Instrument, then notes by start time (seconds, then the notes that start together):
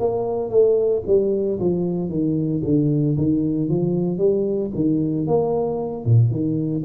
tuba
0.00 A#3
0.50 A3
1.07 G3
1.60 F3
2.10 D#3
2.65 D3
3.18 D#3
3.69 F3
4.18 G3
4.76 D#3
5.27 A#3
6.05 A#2
6.31 D#3